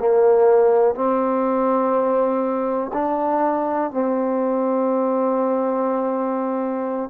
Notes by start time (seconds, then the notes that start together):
0.00 A#3
0.95 C4
2.94 D4
3.91 C4